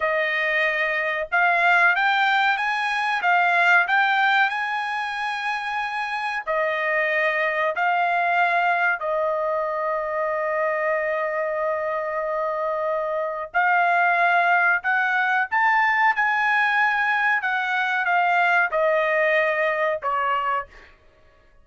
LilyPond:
\new Staff \with { instrumentName = "trumpet" } { \time 4/4 \tempo 4 = 93 dis''2 f''4 g''4 | gis''4 f''4 g''4 gis''4~ | gis''2 dis''2 | f''2 dis''2~ |
dis''1~ | dis''4 f''2 fis''4 | a''4 gis''2 fis''4 | f''4 dis''2 cis''4 | }